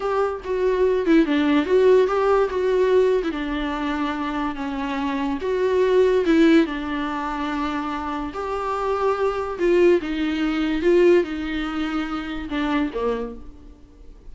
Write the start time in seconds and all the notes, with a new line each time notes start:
0.00 G4
0.44 F#4
1.05 E4
1.25 D4
1.65 F#4
2.07 G4
2.49 F#4
3.23 E4
3.31 D4
4.55 C#4
5.41 F#4
6.25 E4
6.66 D4
8.33 G4
9.58 F4
10.01 D#4
10.82 F4
11.23 D#4
12.49 D4
12.93 A#3